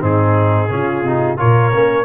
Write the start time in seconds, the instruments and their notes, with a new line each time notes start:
0.00 tuba G#2, trombone C4, horn D#4, trumpet G#4
0.70 tuba C#3, trombone C#4, horn F4
1.03 tuba C3, trombone D#4
1.38 tuba A#2, trombone F4, horn A#4, trumpet C#5
1.74 tuba A#3, trombone C#4